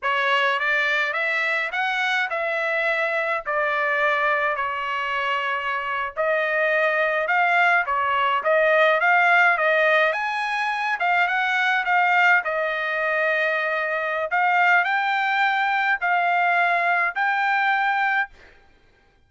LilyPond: \new Staff \with { instrumentName = "trumpet" } { \time 4/4 \tempo 4 = 105 cis''4 d''4 e''4 fis''4 | e''2 d''2 | cis''2~ cis''8. dis''4~ dis''16~ | dis''8. f''4 cis''4 dis''4 f''16~ |
f''8. dis''4 gis''4. f''8 fis''16~ | fis''8. f''4 dis''2~ dis''16~ | dis''4 f''4 g''2 | f''2 g''2 | }